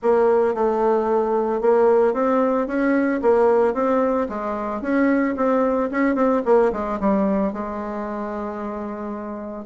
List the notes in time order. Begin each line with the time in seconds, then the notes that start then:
0.02 A#3
0.54 A3
1.61 A#3
2.13 C4
2.67 C#4
3.21 A#3
3.74 C4
4.28 G#3
4.81 C#4
5.36 C4
5.91 C#4
6.15 C4
6.45 A#3
6.72 G#3
6.99 G3
7.52 G#3